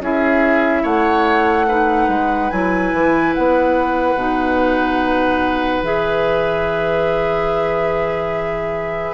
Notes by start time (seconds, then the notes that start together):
0.00 C#4 E4 G#4 E5
0.83 A3 C#5 F#5
1.68 D#4 B4
2.08 G#3
2.50 F#3 E4 G#5
2.93 E3
3.34 B3 F#5
4.15 B2 D#4
5.82 E3 G#4 E5